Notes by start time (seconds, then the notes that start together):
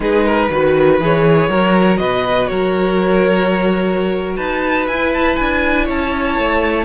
0.00 G#3 D#4 G#4 B4
0.26 A#4
0.50 D#3 F#4 B4
0.99 E3 G#4 C#5
1.48 F#3 F#4 A#4
1.97 B2 B4 D#5
2.47 F#3 A#4 C#5
4.36 D#4 B4 A5
4.87 E4 G#5
5.13 A5
5.36 D4 G#5
5.85 C#4 C#5 A5
6.38 A3